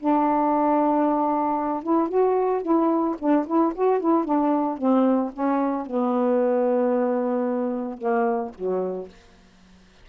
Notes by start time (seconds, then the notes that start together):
0.00 D4
1.83 E4
2.09 F#4
2.62 E4
3.19 D4
3.47 E4
3.75 F#4
4.01 E4
4.25 D4
4.78 C4
5.33 C#4
5.87 B3
7.98 A#3
8.55 F#3